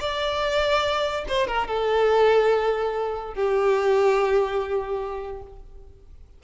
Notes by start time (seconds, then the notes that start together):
0.00 D5
1.28 C5
1.47 A#4
1.68 A4
3.35 G4